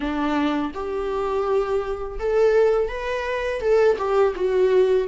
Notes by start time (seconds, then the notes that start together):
0.00 D4
0.74 G4
2.19 A4
2.88 B4
3.60 A4
3.98 G4
4.35 F#4